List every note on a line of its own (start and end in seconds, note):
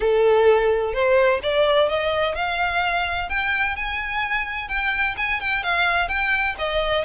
0.00 0.93 A4
0.93 1.40 C5
1.42 1.88 D5
1.88 2.35 D#5
2.35 3.29 F5
3.29 3.76 G5
3.76 4.68 G#5
4.68 5.15 G5
5.17 5.40 G#5
5.40 5.63 G5
5.63 6.08 F5
6.08 6.55 G5
6.58 7.04 D#5